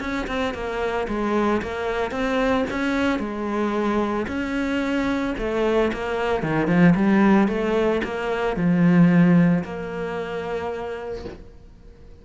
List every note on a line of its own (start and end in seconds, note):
0.00 0.27 C#4
0.27 0.54 C4
0.54 1.07 A#3
1.08 1.61 G#3
1.62 2.11 A#3
2.11 2.65 C4
2.70 3.19 C#4
3.19 4.26 G#3
4.28 5.35 C#4
5.38 5.91 A3
5.93 6.43 A#3
6.43 6.67 D#3
6.67 6.94 F3
6.95 7.48 G3
7.48 8.02 A3
8.04 8.56 A#3
8.56 9.63 F3
9.64 11.25 A#3